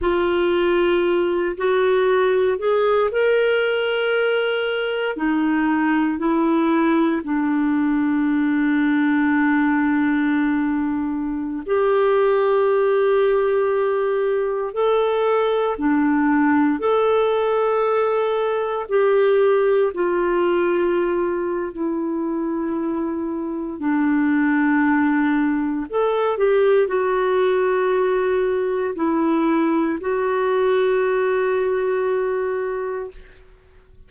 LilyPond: \new Staff \with { instrumentName = "clarinet" } { \time 4/4 \tempo 4 = 58 f'4. fis'4 gis'8 ais'4~ | ais'4 dis'4 e'4 d'4~ | d'2.~ d'16 g'8.~ | g'2~ g'16 a'4 d'8.~ |
d'16 a'2 g'4 f'8.~ | f'4 e'2 d'4~ | d'4 a'8 g'8 fis'2 | e'4 fis'2. | }